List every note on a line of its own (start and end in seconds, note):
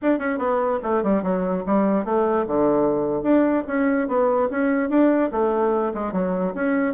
0.02 0.18 D4
0.18 0.38 C#4
0.38 0.79 B3
0.83 1.03 A3
1.03 1.22 G3
1.22 1.63 F#3
1.66 2.04 G3
2.04 2.45 A3
2.47 3.22 D3
3.22 3.63 D4
3.67 4.07 C#4
4.07 4.48 B3
4.51 4.89 C#4
4.89 5.30 D4
5.31 5.92 A3
5.94 6.12 G#3
6.12 6.53 F#3
6.54 6.94 C#4